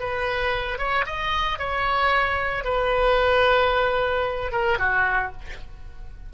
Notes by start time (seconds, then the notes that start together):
0.00 B4
0.79 C#5
1.06 D#5
1.59 C#5
2.65 B4
4.52 A#4
4.79 F#4